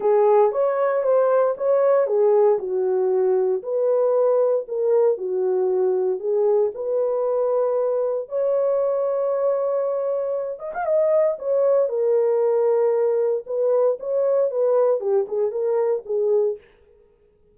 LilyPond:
\new Staff \with { instrumentName = "horn" } { \time 4/4 \tempo 4 = 116 gis'4 cis''4 c''4 cis''4 | gis'4 fis'2 b'4~ | b'4 ais'4 fis'2 | gis'4 b'2. |
cis''1~ | cis''8 dis''16 f''16 dis''4 cis''4 ais'4~ | ais'2 b'4 cis''4 | b'4 g'8 gis'8 ais'4 gis'4 | }